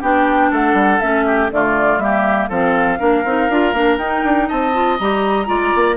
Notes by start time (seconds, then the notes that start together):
0.00 B3 D4 G4 G5
0.51 A3 A4 F#5
0.73 G3
1.00 A3 C#4 E5
1.26 G4
1.51 D3 A3 F4 D5
1.97 G3 A#3 G4 E5
2.49 F3 C4 A4 F5
2.99 A#3 D4 A#4
3.24 C4 D#4
3.49 D4 F4
3.73 A#3 D4
3.97 D#4 G5
4.24 D4
4.48 C4 D#5 A5
4.73 F4
4.98 G3 G4 A#5
5.46 G#3 F4 D5
5.75 A#3